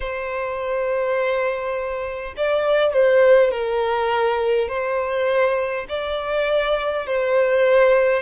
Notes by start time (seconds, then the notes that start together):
0.00 C5
2.36 D5
2.93 C5
3.51 A#4
4.68 C5
5.88 D5
7.06 C5